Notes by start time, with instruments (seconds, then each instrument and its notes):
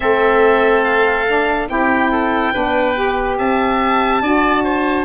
0.00 tuba A3, saxophone C4, oboe A4, violin E5
0.83 violin F5
1.27 saxophone D4
1.68 tuba C4, saxophone E4, oboe G4, violin G5
2.11 oboe A4
2.53 tuba B3, saxophone D4, oboe B4
2.95 saxophone G4
3.37 tuba C4, oboe E5, violin A5
4.21 tuba D4, saxophone F#4, oboe D5
4.63 oboe C5